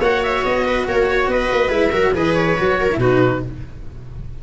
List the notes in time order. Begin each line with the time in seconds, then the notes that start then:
0.00 A#3 F#4 C#5 F#5
0.23 E5
0.44 B3 D#5
0.66 B4
0.88 A#3 A#4 C#5
1.11 C#5
1.27 B3 B4 D#5
1.52 A#3
1.69 G#3 E4 E5
1.92 F#3 F#4 A#4
2.14 E3 G#4 B4 D#5
2.34 C#5
2.58 F#3 F#4
2.79 A#4
2.91 B2 E4
3.00 D#4 F#4 B4